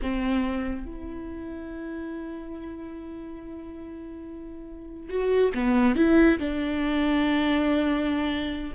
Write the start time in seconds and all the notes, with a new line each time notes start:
0.02 C4
0.85 E4
5.09 F#4
5.54 B3
5.95 E4
6.38 D4